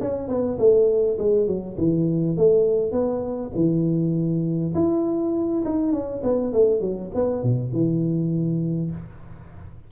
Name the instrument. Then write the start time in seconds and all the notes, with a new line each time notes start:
tuba
0.00 C#4
0.28 B3
0.58 A3
1.18 G#3
1.47 F#3
1.77 E3
2.37 A3
2.92 B3
3.55 E3
4.74 E4
5.65 D#4
5.92 C#4
6.23 B3
6.53 A3
6.80 F#3
7.14 B3
7.43 B2
7.72 E3